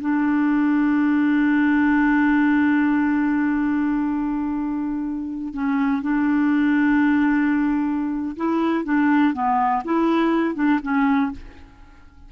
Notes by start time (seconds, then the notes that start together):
0.00 D4
5.53 C#4
6.02 D4
8.36 E4
8.84 D4
9.33 B3
9.84 E4
10.55 D4
10.82 C#4